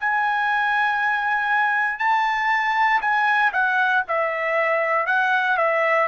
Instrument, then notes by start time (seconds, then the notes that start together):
trumpet
0.00 G#5
1.99 A5
3.01 G#5
3.53 F#5
4.08 E5
5.07 F#5
5.57 E5